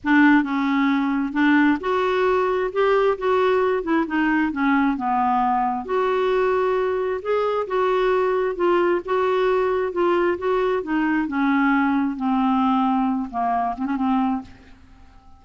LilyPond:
\new Staff \with { instrumentName = "clarinet" } { \time 4/4 \tempo 4 = 133 d'4 cis'2 d'4 | fis'2 g'4 fis'4~ | fis'8 e'8 dis'4 cis'4 b4~ | b4 fis'2. |
gis'4 fis'2 f'4 | fis'2 f'4 fis'4 | dis'4 cis'2 c'4~ | c'4. ais4 c'16 cis'16 c'4 | }